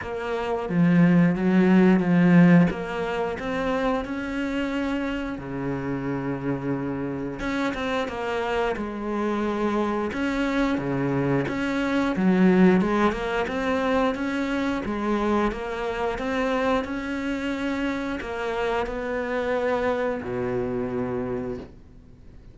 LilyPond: \new Staff \with { instrumentName = "cello" } { \time 4/4 \tempo 4 = 89 ais4 f4 fis4 f4 | ais4 c'4 cis'2 | cis2. cis'8 c'8 | ais4 gis2 cis'4 |
cis4 cis'4 fis4 gis8 ais8 | c'4 cis'4 gis4 ais4 | c'4 cis'2 ais4 | b2 b,2 | }